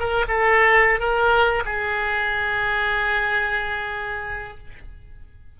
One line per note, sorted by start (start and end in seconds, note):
0.00 0.25 A#4
0.28 1.00 A4
1.00 1.63 A#4
1.65 4.58 G#4